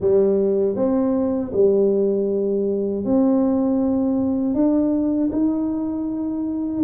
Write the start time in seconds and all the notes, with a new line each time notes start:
0.00 G3
0.75 C4
1.53 G3
3.04 C4
4.54 D4
5.32 D#4